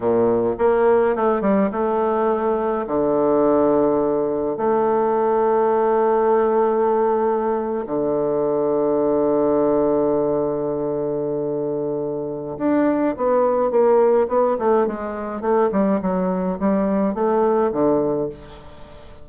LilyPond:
\new Staff \with { instrumentName = "bassoon" } { \time 4/4 \tempo 4 = 105 ais,4 ais4 a8 g8 a4~ | a4 d2. | a1~ | a4.~ a16 d2~ d16~ |
d1~ | d2 d'4 b4 | ais4 b8 a8 gis4 a8 g8 | fis4 g4 a4 d4 | }